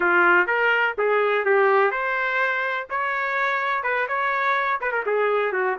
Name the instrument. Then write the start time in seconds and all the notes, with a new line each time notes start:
trumpet
0.00 F4
0.47 A#4
0.98 G#4
1.45 G4
1.91 C5
2.90 C#5
3.83 B4
4.08 C#5
4.80 B4
4.91 A#4
5.06 G#4
5.52 F#4